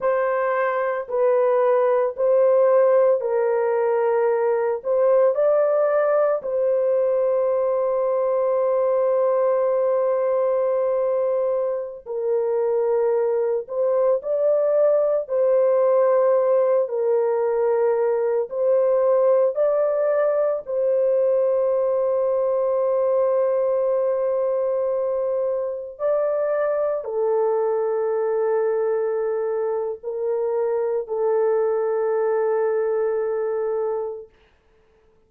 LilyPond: \new Staff \with { instrumentName = "horn" } { \time 4/4 \tempo 4 = 56 c''4 b'4 c''4 ais'4~ | ais'8 c''8 d''4 c''2~ | c''2.~ c''16 ais'8.~ | ais'8. c''8 d''4 c''4. ais'16~ |
ais'4~ ais'16 c''4 d''4 c''8.~ | c''1~ | c''16 d''4 a'2~ a'8. | ais'4 a'2. | }